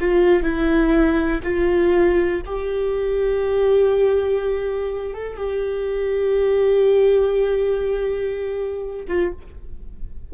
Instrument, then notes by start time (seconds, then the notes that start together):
viola
0.00 F4
0.42 E4
1.43 F4
2.45 G4
5.14 A4
5.37 G4
9.08 F4